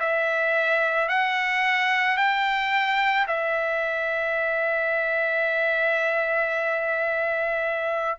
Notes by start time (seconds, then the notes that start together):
0.00 E5
1.09 F#5
2.17 G5
3.27 E5